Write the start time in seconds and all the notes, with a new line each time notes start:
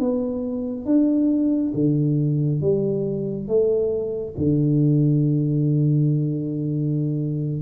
0.00 B3
0.86 D4
1.75 D3
2.62 G3
3.48 A3
4.38 D3